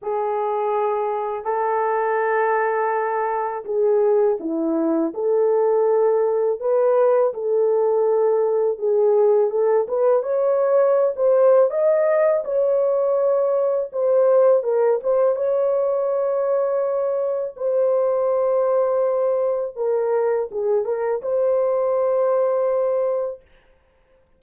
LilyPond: \new Staff \with { instrumentName = "horn" } { \time 4/4 \tempo 4 = 82 gis'2 a'2~ | a'4 gis'4 e'4 a'4~ | a'4 b'4 a'2 | gis'4 a'8 b'8 cis''4~ cis''16 c''8. |
dis''4 cis''2 c''4 | ais'8 c''8 cis''2. | c''2. ais'4 | gis'8 ais'8 c''2. | }